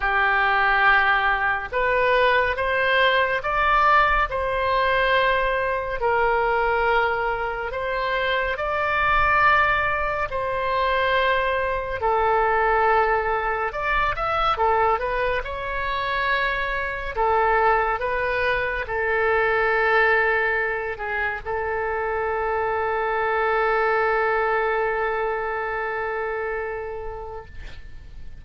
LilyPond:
\new Staff \with { instrumentName = "oboe" } { \time 4/4 \tempo 4 = 70 g'2 b'4 c''4 | d''4 c''2 ais'4~ | ais'4 c''4 d''2 | c''2 a'2 |
d''8 e''8 a'8 b'8 cis''2 | a'4 b'4 a'2~ | a'8 gis'8 a'2.~ | a'1 | }